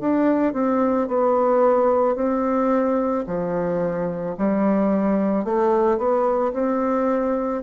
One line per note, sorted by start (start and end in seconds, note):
0.00 0.53 D4
0.53 1.08 C4
1.08 2.15 B3
2.15 3.24 C4
3.26 4.35 F3
4.38 5.44 G3
5.44 5.98 A3
5.98 6.52 B3
6.53 7.62 C4